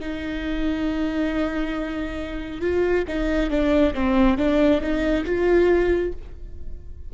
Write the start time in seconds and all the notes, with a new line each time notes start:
0.00 D#4
2.60 F4
3.08 D#4
3.50 D4
3.94 C4
4.37 D4
4.81 D#4
5.25 F4